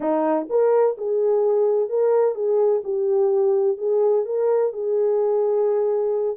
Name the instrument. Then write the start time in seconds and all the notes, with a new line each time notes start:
horn
0.00 D#4
0.49 A#4
0.97 G#4
1.89 A#4
2.35 G#4
2.84 G4
3.77 G#4
4.25 A#4
4.72 G#4